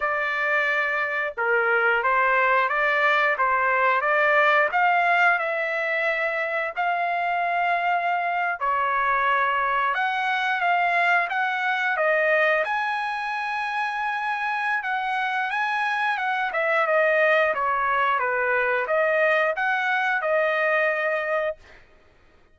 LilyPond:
\new Staff \with { instrumentName = "trumpet" } { \time 4/4 \tempo 4 = 89 d''2 ais'4 c''4 | d''4 c''4 d''4 f''4 | e''2 f''2~ | f''8. cis''2 fis''4 f''16~ |
f''8. fis''4 dis''4 gis''4~ gis''16~ | gis''2 fis''4 gis''4 | fis''8 e''8 dis''4 cis''4 b'4 | dis''4 fis''4 dis''2 | }